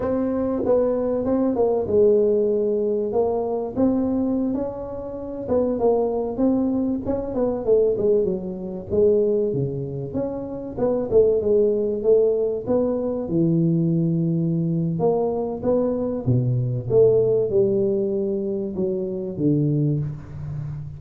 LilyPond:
\new Staff \with { instrumentName = "tuba" } { \time 4/4 \tempo 4 = 96 c'4 b4 c'8 ais8 gis4~ | gis4 ais4 c'4~ c'16 cis'8.~ | cis'8. b8 ais4 c'4 cis'8 b16~ | b16 a8 gis8 fis4 gis4 cis8.~ |
cis16 cis'4 b8 a8 gis4 a8.~ | a16 b4 e2~ e8. | ais4 b4 b,4 a4 | g2 fis4 d4 | }